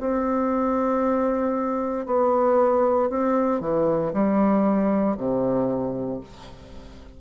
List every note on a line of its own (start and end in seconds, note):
0.00 2.06 C4
2.06 3.09 B3
3.10 3.61 C4
3.61 4.12 E3
4.13 5.17 G3
5.17 6.21 C3